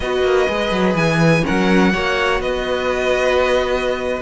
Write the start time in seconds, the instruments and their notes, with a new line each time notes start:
0.00 cello B3, viola F#4, violin B4 D#5
0.22 cello A#3
0.48 cello G#3, viola G#4
0.71 cello F#3
0.94 cello E3, violin G#5
1.43 viola C#4, violin A#4 F#5
1.49 cello F#3
1.93 cello A#3, viola F#4, violin C#5
2.40 cello B3, violin B4 D#5